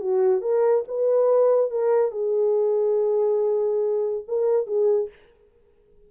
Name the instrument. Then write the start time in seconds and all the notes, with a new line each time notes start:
horn
0.00 F#4
0.41 A#4
0.88 B4
1.71 A#4
2.11 G#4
4.28 A#4
4.67 G#4